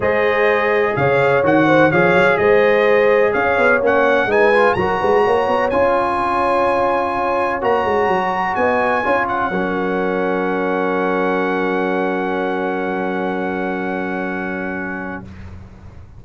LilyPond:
<<
  \new Staff \with { instrumentName = "trumpet" } { \time 4/4 \tempo 4 = 126 dis''2 f''4 fis''4 | f''4 dis''2 f''4 | fis''4 gis''4 ais''2 | gis''1 |
ais''2 gis''4. fis''8~ | fis''1~ | fis''1~ | fis''1 | }
  \new Staff \with { instrumentName = "horn" } { \time 4/4 c''2 cis''4. c''8 | cis''4 c''2 cis''4~ | cis''4 b'4 ais'8 b'8 cis''4~ | cis''1~ |
cis''2 dis''4 cis''4 | ais'1~ | ais'1~ | ais'1 | }
  \new Staff \with { instrumentName = "trombone" } { \time 4/4 gis'2. fis'4 | gis'1 | cis'4 dis'8 f'8 fis'2 | f'1 |
fis'2. f'4 | cis'1~ | cis'1~ | cis'1 | }
  \new Staff \with { instrumentName = "tuba" } { \time 4/4 gis2 cis4 dis4 | f8 fis8 gis2 cis'8 b8 | ais4 gis4 fis8 gis8 ais8 b8 | cis'1 |
ais8 gis8 fis4 b4 cis'4 | fis1~ | fis1~ | fis1 | }
>>